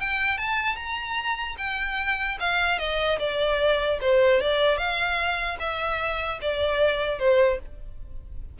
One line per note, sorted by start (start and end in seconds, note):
0.00 0.38 G5
0.38 0.75 A5
0.75 1.55 A#5
1.58 2.38 G5
2.40 2.79 F5
2.79 3.19 D#5
3.19 3.99 D5
4.01 4.41 C5
4.41 4.77 D5
4.77 5.57 F5
5.59 6.39 E5
6.41 7.19 D5
7.19 7.59 C5